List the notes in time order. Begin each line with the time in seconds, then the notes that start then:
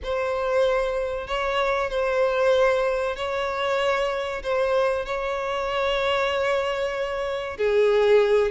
0.03 C5
1.27 C#5
1.89 C5
3.16 C#5
4.42 C5
5.05 C#5
7.57 G#4